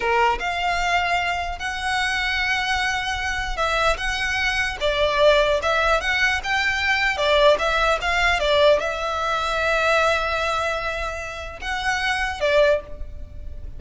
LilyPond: \new Staff \with { instrumentName = "violin" } { \time 4/4 \tempo 4 = 150 ais'4 f''2. | fis''1~ | fis''4 e''4 fis''2 | d''2 e''4 fis''4 |
g''2 d''4 e''4 | f''4 d''4 e''2~ | e''1~ | e''4 fis''2 d''4 | }